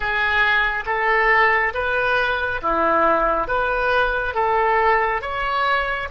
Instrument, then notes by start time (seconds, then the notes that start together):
oboe
0.00 G#4
0.86 A4
1.74 B4
2.62 E4
3.47 B4
4.34 A4
5.21 C#5